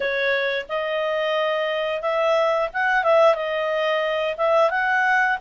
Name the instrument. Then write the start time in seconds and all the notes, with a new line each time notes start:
clarinet
0.00 C#5
0.69 D#5
2.01 E5
2.73 F#5
3.03 E5
3.34 D#5
4.37 E5
4.70 F#5